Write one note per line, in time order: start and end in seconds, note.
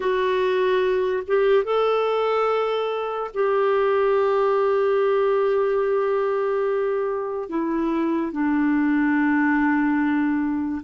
0.00 1.23 F#4
1.27 1.64 G4
1.64 3.30 A4
3.34 7.49 G4
7.49 8.32 E4
8.32 10.82 D4